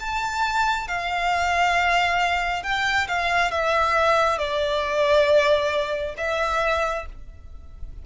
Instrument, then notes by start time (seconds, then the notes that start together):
violin
0.00 A5
0.88 F5
2.64 G5
3.08 F5
3.51 E5
4.38 D5
6.18 E5